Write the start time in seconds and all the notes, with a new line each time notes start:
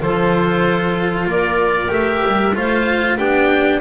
0.00 F3 F4 A4 C5
1.26 A#3 A#4 D5
1.89 A3 G4 E5
2.27 G3
2.55 A3 F4 C5 F5
3.17 B3 D4 G4 G5